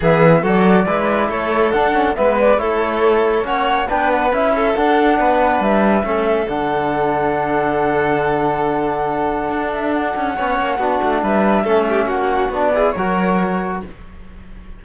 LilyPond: <<
  \new Staff \with { instrumentName = "flute" } { \time 4/4 \tempo 4 = 139 e''4 d''2 cis''4 | fis''4 e''8 d''8 cis''2 | fis''4 g''8 fis''8 e''4 fis''4~ | fis''4 e''2 fis''4~ |
fis''1~ | fis''2~ fis''8 e''8 fis''4~ | fis''2 e''2 | fis''4 d''4 cis''2 | }
  \new Staff \with { instrumentName = "violin" } { \time 4/4 gis'4 a'4 b'4 a'4~ | a'4 b'4 a'2 | cis''4 b'4. a'4. | b'2 a'2~ |
a'1~ | a'1 | cis''4 fis'4 b'4 a'8 g'8 | fis'4. gis'8 ais'2 | }
  \new Staff \with { instrumentName = "trombone" } { \time 4/4 b4 fis'4 e'2 | d'8 cis'8 b4 e'2 | cis'4 d'4 e'4 d'4~ | d'2 cis'4 d'4~ |
d'1~ | d'1 | cis'4 d'2 cis'4~ | cis'4 d'8 e'8 fis'2 | }
  \new Staff \with { instrumentName = "cello" } { \time 4/4 e4 fis4 gis4 a4 | d'4 gis4 a2 | ais4 b4 cis'4 d'4 | b4 g4 a4 d4~ |
d1~ | d2 d'4. cis'8 | b8 ais8 b8 a8 g4 a4 | ais4 b4 fis2 | }
>>